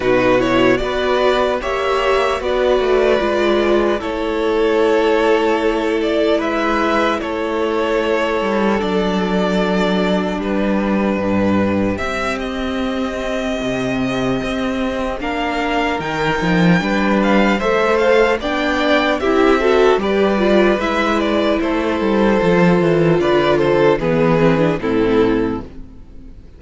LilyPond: <<
  \new Staff \with { instrumentName = "violin" } { \time 4/4 \tempo 4 = 75 b'8 cis''8 d''4 e''4 d''4~ | d''4 cis''2~ cis''8 d''8 | e''4 cis''2 d''4~ | d''4 b'2 e''8 dis''8~ |
dis''2. f''4 | g''4. f''8 e''8 f''8 g''4 | e''4 d''4 e''8 d''8 c''4~ | c''4 d''8 c''8 b'4 a'4 | }
  \new Staff \with { instrumentName = "violin" } { \time 4/4 fis'4 b'4 cis''4 b'4~ | b'4 a'2. | b'4 a'2.~ | a'4 g'2.~ |
g'2. ais'4~ | ais'4 b'4 c''4 d''4 | g'8 a'8 b'2 a'4~ | a'4 b'8 a'8 gis'4 e'4 | }
  \new Staff \with { instrumentName = "viola" } { \time 4/4 dis'8 e'8 fis'4 g'4 fis'4 | f'4 e'2.~ | e'2. d'4~ | d'2. c'4~ |
c'2. d'4 | dis'4 d'4 a'4 d'4 | e'8 fis'8 g'8 f'8 e'2 | f'2 b8 c'16 d'16 c'4 | }
  \new Staff \with { instrumentName = "cello" } { \time 4/4 b,4 b4 ais4 b8 a8 | gis4 a2. | gis4 a4. g8 fis4~ | fis4 g4 g,4 c'4~ |
c'4 c4 c'4 ais4 | dis8 f8 g4 a4 b4 | c'4 g4 gis4 a8 g8 | f8 e8 d4 e4 a,4 | }
>>